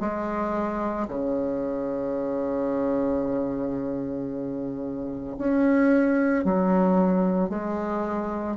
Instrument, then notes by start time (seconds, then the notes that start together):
bassoon
0.00 G#3
1.08 C#3
5.38 C#4
6.44 F#3
7.49 G#3